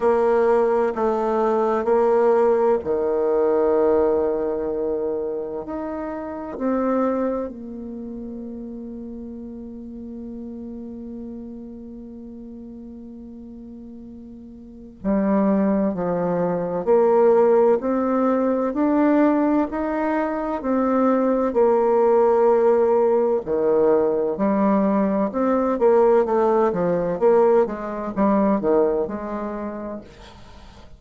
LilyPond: \new Staff \with { instrumentName = "bassoon" } { \time 4/4 \tempo 4 = 64 ais4 a4 ais4 dis4~ | dis2 dis'4 c'4 | ais1~ | ais1 |
g4 f4 ais4 c'4 | d'4 dis'4 c'4 ais4~ | ais4 dis4 g4 c'8 ais8 | a8 f8 ais8 gis8 g8 dis8 gis4 | }